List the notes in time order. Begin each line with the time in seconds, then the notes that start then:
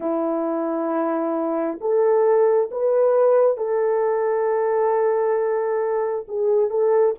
0.00 E4
1.80 A4
2.71 B4
3.57 A4
6.28 G#4
6.70 A4